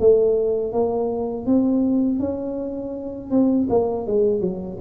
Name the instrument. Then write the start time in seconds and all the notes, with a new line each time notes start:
tuba
0.00 A3
0.73 A#3
1.46 C4
2.20 C#4
3.31 C4
3.70 A#3
4.07 G#3
4.41 F#3